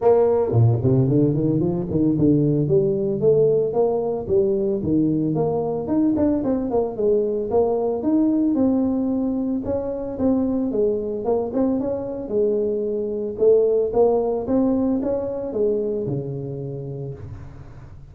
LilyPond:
\new Staff \with { instrumentName = "tuba" } { \time 4/4 \tempo 4 = 112 ais4 ais,8 c8 d8 dis8 f8 dis8 | d4 g4 a4 ais4 | g4 dis4 ais4 dis'8 d'8 | c'8 ais8 gis4 ais4 dis'4 |
c'2 cis'4 c'4 | gis4 ais8 c'8 cis'4 gis4~ | gis4 a4 ais4 c'4 | cis'4 gis4 cis2 | }